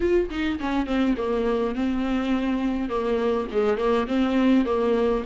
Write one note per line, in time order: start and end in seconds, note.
0.00 0.29 F4
0.30 0.59 D#4
0.60 0.86 C#4
0.86 1.15 C4
1.17 1.75 A#3
1.75 2.89 C4
2.89 3.47 A#3
3.51 3.77 G#3
3.77 4.06 A#3
4.07 4.65 C4
4.65 5.23 A#3